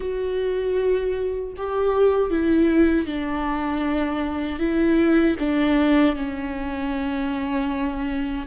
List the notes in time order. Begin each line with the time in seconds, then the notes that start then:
0.00 F#4
1.56 G4
2.30 E4
3.06 D4
4.59 E4
5.38 D4
6.15 C#4